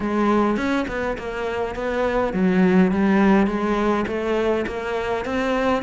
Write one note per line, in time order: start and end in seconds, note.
0.00 0.56 G#3
0.56 0.86 C#4
0.87 1.17 B3
1.18 1.75 A#3
1.75 2.33 B3
2.33 2.91 F#3
2.91 3.46 G3
3.46 4.05 G#3
4.07 4.65 A3
4.67 5.25 A#3
5.25 5.83 C4